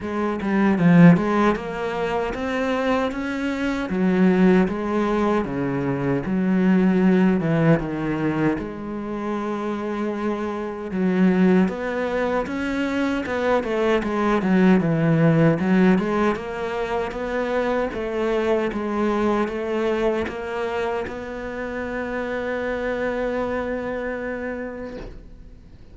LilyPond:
\new Staff \with { instrumentName = "cello" } { \time 4/4 \tempo 4 = 77 gis8 g8 f8 gis8 ais4 c'4 | cis'4 fis4 gis4 cis4 | fis4. e8 dis4 gis4~ | gis2 fis4 b4 |
cis'4 b8 a8 gis8 fis8 e4 | fis8 gis8 ais4 b4 a4 | gis4 a4 ais4 b4~ | b1 | }